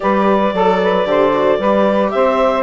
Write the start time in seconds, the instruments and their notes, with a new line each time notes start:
0.00 bassoon G3, viola G4, saxophone B4, clarinet D5
0.53 bassoon F#3, saxophone A4, viola A4
0.82 saxophone B4
1.05 bassoon D3, viola G4, saxophone C5
1.33 viola F#4
1.58 bassoon G3, viola G4, saxophone B4
2.10 bassoon C4, saxophone C5, clarinet E5